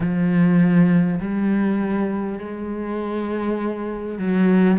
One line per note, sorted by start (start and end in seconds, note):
0.00 1.19 F3
1.20 2.38 G3
2.38 4.18 G#3
4.18 4.78 F#3